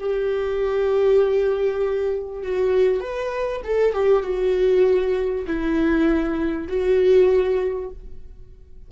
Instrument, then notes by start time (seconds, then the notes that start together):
viola
0.00 G4
2.43 F#4
3.01 B4
3.65 A4
3.94 G4
4.23 F#4
5.47 E4
6.68 F#4